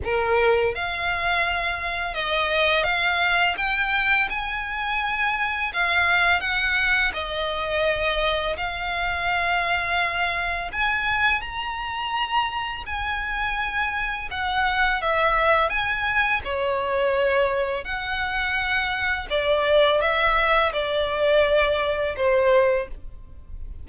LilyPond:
\new Staff \with { instrumentName = "violin" } { \time 4/4 \tempo 4 = 84 ais'4 f''2 dis''4 | f''4 g''4 gis''2 | f''4 fis''4 dis''2 | f''2. gis''4 |
ais''2 gis''2 | fis''4 e''4 gis''4 cis''4~ | cis''4 fis''2 d''4 | e''4 d''2 c''4 | }